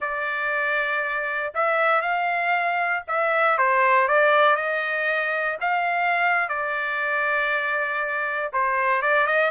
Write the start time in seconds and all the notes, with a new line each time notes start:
0.00 D5
1.54 E5
2.01 F5
3.07 E5
3.58 C5
4.07 D5
4.56 D#5
5.60 F5
6.48 D5
8.52 C5
9.01 D5
9.27 D#5